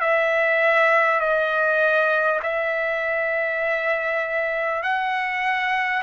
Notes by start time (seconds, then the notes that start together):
0.00 E5
1.20 D#5
2.42 E5
4.82 F#5